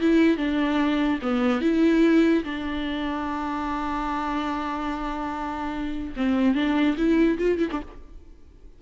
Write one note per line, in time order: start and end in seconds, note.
0.00 0.37 E4
0.37 1.19 D4
1.22 1.61 B3
1.61 2.43 E4
2.44 6.14 D4
6.16 6.55 C4
6.55 6.96 D4
6.97 7.38 E4
7.38 7.58 F4
7.58 7.68 E4
7.71 7.81 D4